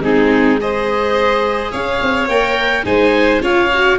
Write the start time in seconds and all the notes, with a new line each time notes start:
0.00 G#3 C4 D#4 G#4
0.61 G#4 C5 D#5
1.72 C#4 C#5 F5
2.02 C4
2.29 A#3 A#4 G5
2.84 G#3 D#4 C5 G#5
3.41 C#4 F4 C#5 F5
3.74 F#4